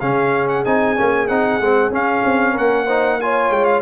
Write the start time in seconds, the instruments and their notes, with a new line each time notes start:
0.00 tuba C#3, trombone C#4, horn G#4, trumpet F5
0.49 trumpet F#5
0.65 tuba C4, trombone D#4, trumpet G#5
0.96 tuba A#3, trombone C#4
1.28 tuba C4, trombone D#4, trumpet F#5
1.60 tuba G#3, trombone C4
1.90 tuba C#4, trombone C#4, trumpet F5
2.25 tuba C4
2.53 tuba A#3, horn A#4, trumpet F#5
2.86 trombone D#4, horn C5
3.21 trombone F4, horn C#5, trumpet G#5
3.50 tuba G#3, trumpet G5
3.65 trumpet F5